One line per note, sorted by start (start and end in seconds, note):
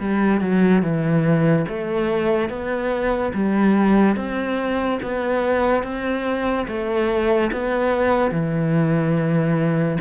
0.00 0.41 G3
0.41 0.83 F#3
0.83 1.66 E3
1.69 2.50 A3
2.50 3.33 B3
3.34 4.16 G3
4.16 5.00 C4
5.03 5.83 B3
5.83 6.67 C4
6.68 7.51 A3
7.53 8.31 B3
8.31 9.98 E3